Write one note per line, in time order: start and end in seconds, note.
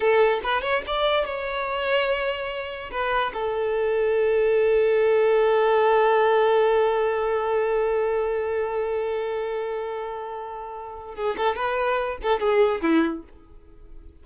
0.00 0.40 A4
0.43 0.61 B4
0.61 0.82 C#5
0.86 1.25 D5
1.25 2.90 C#5
2.91 3.32 B4
3.33 11.15 A4
11.15 11.36 G#4
11.37 11.55 A4
11.55 12.17 B4
12.22 12.39 A4
12.39 12.81 G#4
12.81 13.23 E4